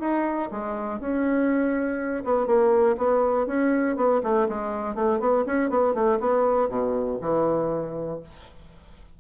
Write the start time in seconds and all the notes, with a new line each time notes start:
0.00 D#4
0.51 G#3
1.00 C#4
2.24 B3
2.47 A#3
2.98 B3
3.47 C#4
3.96 B3
4.23 A3
4.49 G#3
4.95 A3
5.20 B3
5.46 C#4
5.70 B3
5.94 A3
6.20 B3
6.69 B2
7.21 E3